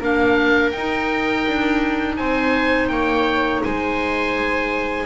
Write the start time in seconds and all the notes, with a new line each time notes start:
0.00 A#3 D4 A#4 F5
0.71 D#4 G5
0.78 D#4
1.47 D4
2.17 C4 C5 G#5
2.88 A#3 C#5 G5
3.64 G#3 C5 G#5